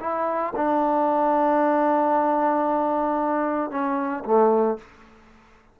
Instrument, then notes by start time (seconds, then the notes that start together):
trombone
0.00 E4
0.56 D4
3.70 C#4
4.25 A3